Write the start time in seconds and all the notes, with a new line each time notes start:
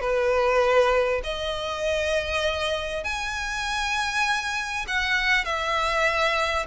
0.00 B4
1.23 D#5
3.04 G#5
4.87 F#5
5.45 E5